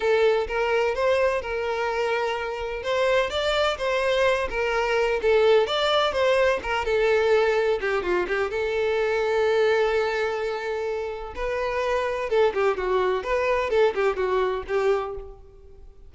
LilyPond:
\new Staff \with { instrumentName = "violin" } { \time 4/4 \tempo 4 = 127 a'4 ais'4 c''4 ais'4~ | ais'2 c''4 d''4 | c''4. ais'4. a'4 | d''4 c''4 ais'8 a'4.~ |
a'8 g'8 f'8 g'8 a'2~ | a'1 | b'2 a'8 g'8 fis'4 | b'4 a'8 g'8 fis'4 g'4 | }